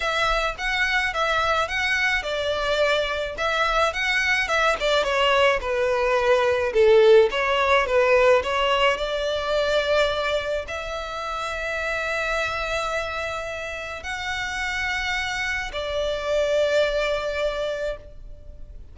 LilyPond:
\new Staff \with { instrumentName = "violin" } { \time 4/4 \tempo 4 = 107 e''4 fis''4 e''4 fis''4 | d''2 e''4 fis''4 | e''8 d''8 cis''4 b'2 | a'4 cis''4 b'4 cis''4 |
d''2. e''4~ | e''1~ | e''4 fis''2. | d''1 | }